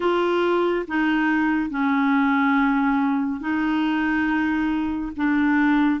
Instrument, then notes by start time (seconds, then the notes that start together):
clarinet
0.00 F4
0.87 D#4
1.69 C#4
3.40 D#4
5.16 D4